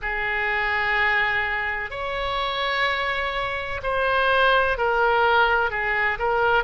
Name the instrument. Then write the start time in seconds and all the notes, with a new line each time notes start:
oboe
0.02 G#4
1.90 C#5
3.83 C5
4.77 A#4
5.70 G#4
6.19 A#4